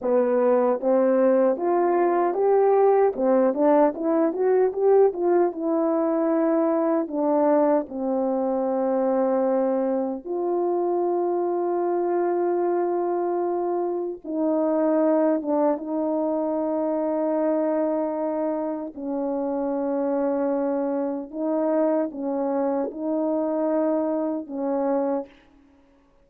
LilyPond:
\new Staff \with { instrumentName = "horn" } { \time 4/4 \tempo 4 = 76 b4 c'4 f'4 g'4 | c'8 d'8 e'8 fis'8 g'8 f'8 e'4~ | e'4 d'4 c'2~ | c'4 f'2.~ |
f'2 dis'4. d'8 | dis'1 | cis'2. dis'4 | cis'4 dis'2 cis'4 | }